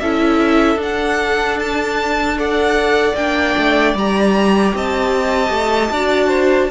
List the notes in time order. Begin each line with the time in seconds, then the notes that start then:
0.00 C#4 E4 A4 E5
0.76 D4
0.83 F#5
1.59 A5
2.36 A4 D5 F#5
3.15 A#3 D4 G5
3.57 A3
3.94 G3 G4 A#5
4.75 C4 D#5 A5
5.50 A3
5.91 D4 F#4 D5
6.28 C5